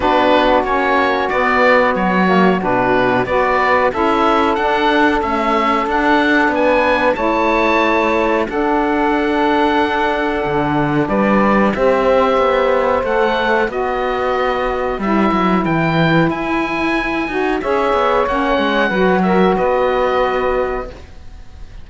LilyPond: <<
  \new Staff \with { instrumentName = "oboe" } { \time 4/4 \tempo 4 = 92 b'4 cis''4 d''4 cis''4 | b'4 d''4 e''4 fis''4 | e''4 fis''4 gis''4 a''4~ | a''4 fis''2.~ |
fis''4 d''4 e''2 | fis''4 dis''2 e''4 | g''4 gis''2 e''4 | fis''4. e''8 dis''2 | }
  \new Staff \with { instrumentName = "saxophone" } { \time 4/4 fis'1~ | fis'4 b'4 a'2~ | a'2 b'4 cis''4~ | cis''4 a'2.~ |
a'4 b'4 c''2~ | c''4 b'2.~ | b'2. cis''4~ | cis''4 b'8 ais'8 b'2 | }
  \new Staff \with { instrumentName = "saxophone" } { \time 4/4 d'4 cis'4 b4. ais8 | d'4 fis'4 e'4 d'4 | a4 d'2 e'4~ | e'4 d'2.~ |
d'2 g'2 | a'4 fis'2 e'4~ | e'2~ e'8 fis'8 gis'4 | cis'4 fis'2. | }
  \new Staff \with { instrumentName = "cello" } { \time 4/4 b4 ais4 b4 fis4 | b,4 b4 cis'4 d'4 | cis'4 d'4 b4 a4~ | a4 d'2. |
d4 g4 c'4 b4 | a4 b2 g8 fis8 | e4 e'4. dis'8 cis'8 b8 | ais8 gis8 fis4 b2 | }
>>